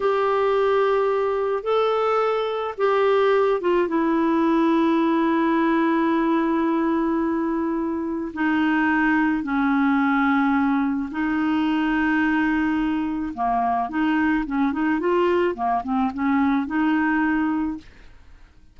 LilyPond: \new Staff \with { instrumentName = "clarinet" } { \time 4/4 \tempo 4 = 108 g'2. a'4~ | a'4 g'4. f'8 e'4~ | e'1~ | e'2. dis'4~ |
dis'4 cis'2. | dis'1 | ais4 dis'4 cis'8 dis'8 f'4 | ais8 c'8 cis'4 dis'2 | }